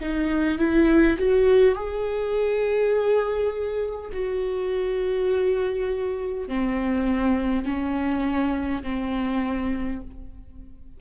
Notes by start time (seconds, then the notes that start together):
0.00 D#4
0.58 E4
1.18 F#4
1.75 G#4
4.12 F#4
6.48 C4
7.65 C#4
8.83 C4